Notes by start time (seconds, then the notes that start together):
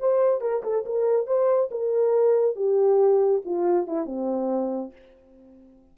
0.00 C5
0.41 A#4
0.63 A4
0.86 A#4
1.27 C5
1.71 A#4
2.56 G4
3.46 F4
3.87 E4
4.06 C4